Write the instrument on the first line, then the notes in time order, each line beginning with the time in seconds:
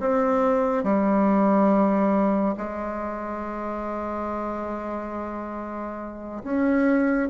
bassoon
0.00 C4
0.84 G3
2.57 G#3
6.43 C#4